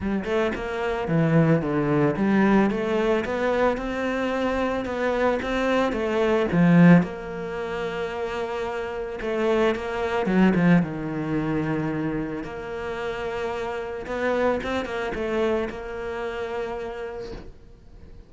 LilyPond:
\new Staff \with { instrumentName = "cello" } { \time 4/4 \tempo 4 = 111 g8 a8 ais4 e4 d4 | g4 a4 b4 c'4~ | c'4 b4 c'4 a4 | f4 ais2.~ |
ais4 a4 ais4 fis8 f8 | dis2. ais4~ | ais2 b4 c'8 ais8 | a4 ais2. | }